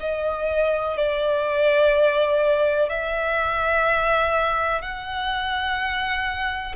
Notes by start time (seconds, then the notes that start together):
0.00 D#5
0.97 D5
2.89 E5
4.82 F#5